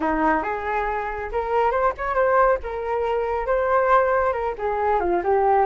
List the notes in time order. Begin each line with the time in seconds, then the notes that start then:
0.00 D#4
0.42 G#4
1.32 A#4
1.71 C5
1.97 C#5
2.14 C5
2.63 A#4
3.46 C5
4.33 A#4
4.58 G#4
5.00 F4
5.23 G4